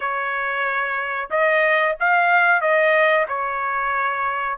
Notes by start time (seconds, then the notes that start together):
0.00 C#5
1.30 D#5
2.00 F5
2.61 D#5
3.28 C#5